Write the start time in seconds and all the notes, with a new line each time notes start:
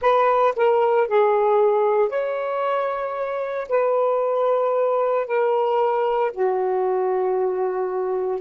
0.01 B4
0.56 A#4
1.07 G#4
2.09 C#5
3.68 B4
5.26 A#4
6.32 F#4